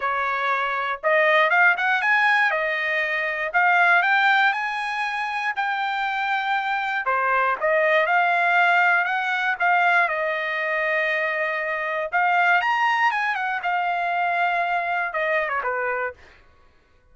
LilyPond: \new Staff \with { instrumentName = "trumpet" } { \time 4/4 \tempo 4 = 119 cis''2 dis''4 f''8 fis''8 | gis''4 dis''2 f''4 | g''4 gis''2 g''4~ | g''2 c''4 dis''4 |
f''2 fis''4 f''4 | dis''1 | f''4 ais''4 gis''8 fis''8 f''4~ | f''2 dis''8. cis''16 b'4 | }